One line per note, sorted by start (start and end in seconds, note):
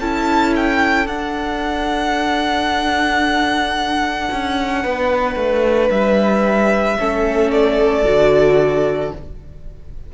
0.00 1.07 C#4
0.00 1.08 E4
0.00 4.82 A4
0.00 0.54 A5
0.56 1.07 G5
1.07 4.28 D4
1.07 6.97 D4
1.07 5.89 F#5
4.31 4.85 C#4
4.83 5.36 B3
4.83 6.97 B4
5.36 5.89 A3
5.90 6.97 G3
5.90 7.51 E5
6.99 8.05 A3
6.99 8.05 C#4
6.99 9.14 A4
7.51 9.12 D5
8.05 9.12 D3
8.05 9.12 F#4